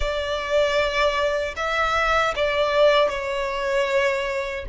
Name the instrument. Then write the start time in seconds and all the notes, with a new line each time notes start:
violin
0.00 D5
1.56 E5
2.36 D5
3.09 C#5